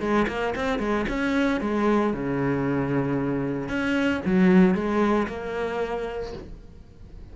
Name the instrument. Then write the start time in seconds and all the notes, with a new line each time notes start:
cello
0.00 G#3
0.28 A#3
0.55 C4
0.79 G#3
1.08 C#4
1.61 G#3
2.13 C#3
3.68 C#4
4.25 F#3
4.74 G#3
5.28 A#3